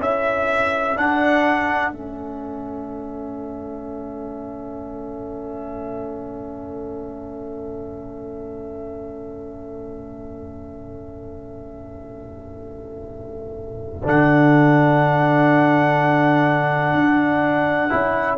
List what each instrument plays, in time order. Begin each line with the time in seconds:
0.00 tuba C#4, trombone E4, horn A4, trumpet E5
0.96 trombone D4, tuba D4, trumpet F#5
1.91 tuba A3, trombone C#4, trumpet E5
14.03 tuba D3, trombone D4, trumpet F#5
16.94 tuba D4
17.90 tuba C#4, trombone E4